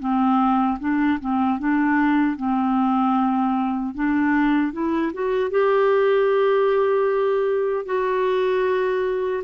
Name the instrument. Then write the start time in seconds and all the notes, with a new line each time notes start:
clarinet
0.00 C4
0.80 D4
1.20 C4
1.59 D4
2.37 C4
3.95 D4
4.73 E4
5.14 F#4
5.51 G4
7.86 F#4